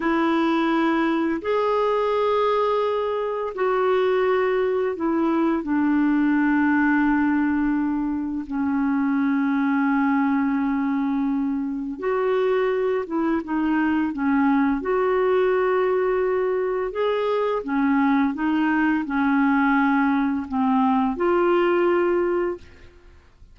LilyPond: \new Staff \with { instrumentName = "clarinet" } { \time 4/4 \tempo 4 = 85 e'2 gis'2~ | gis'4 fis'2 e'4 | d'1 | cis'1~ |
cis'4 fis'4. e'8 dis'4 | cis'4 fis'2. | gis'4 cis'4 dis'4 cis'4~ | cis'4 c'4 f'2 | }